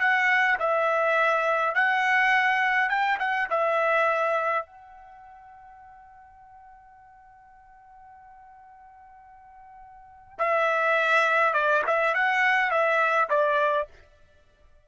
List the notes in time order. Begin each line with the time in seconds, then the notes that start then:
0.00 F#5
0.59 E5
1.75 F#5
2.89 G5
3.19 F#5
3.50 E5
4.66 F#5
10.38 E5
11.54 D5
11.87 E5
12.14 F#5
12.71 E5
13.29 D5